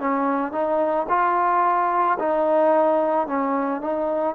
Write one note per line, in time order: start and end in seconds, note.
0.00 0.52 C#4
0.52 1.07 D#4
1.09 2.18 F4
2.20 3.27 D#4
3.27 3.81 C#4
3.81 4.35 D#4